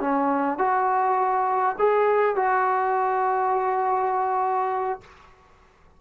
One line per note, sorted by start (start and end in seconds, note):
0.00 0.58 C#4
0.58 1.76 F#4
1.78 2.36 G#4
2.36 5.00 F#4